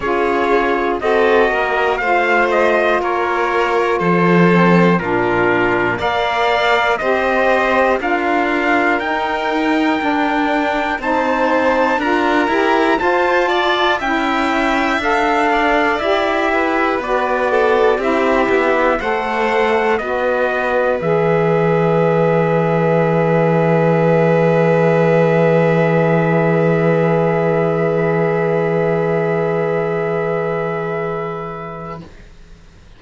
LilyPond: <<
  \new Staff \with { instrumentName = "trumpet" } { \time 4/4 \tempo 4 = 60 cis''4 dis''4 f''8 dis''8 cis''4 | c''4 ais'4 f''4 dis''4 | f''4 g''2 a''4 | ais''4 a''4 g''4 f''4 |
e''4 d''4 e''4 fis''4 | dis''4 e''2.~ | e''1~ | e''1 | }
  \new Staff \with { instrumentName = "violin" } { \time 4/4 gis'4 a'8 ais'8 c''4 ais'4 | a'4 f'4 d''4 c''4 | ais'2. c''4 | ais'4 c''8 d''8 e''4. d''8~ |
d''8 b'4 a'8 g'4 c''4 | b'1~ | b'1~ | b'1 | }
  \new Staff \with { instrumentName = "saxophone" } { \time 4/4 f'4 fis'4 f'2~ | f'8 c'8 d'4 ais'4 g'4 | f'4 dis'4 d'4 dis'4 | f'8 g'8 f'4 e'4 a'4 |
g'4 fis'4 e'4 a'4 | fis'4 gis'2.~ | gis'1~ | gis'1 | }
  \new Staff \with { instrumentName = "cello" } { \time 4/4 cis'4 c'8 ais8 a4 ais4 | f4 ais,4 ais4 c'4 | d'4 dis'4 d'4 c'4 | d'8 e'8 f'4 cis'4 d'4 |
e'4 b4 c'8 b8 a4 | b4 e2.~ | e1~ | e1 | }
>>